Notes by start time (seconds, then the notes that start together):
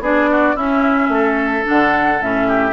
0.00 B3 D4 G#4 D5
0.31 F#4
0.56 C#4 E4 E5
1.09 A3 A4
1.64 D3 D4 F#5
2.21 A2 C#4 E5
2.48 G4